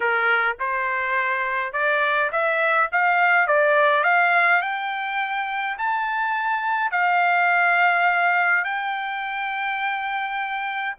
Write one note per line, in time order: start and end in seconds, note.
0.00 0.56 A#4
0.59 1.72 C5
1.72 2.30 D5
2.32 2.89 E5
2.92 3.47 F5
3.47 4.03 D5
4.03 4.61 F5
4.61 5.77 G5
5.78 6.91 A5
6.91 8.64 F5
8.64 10.95 G5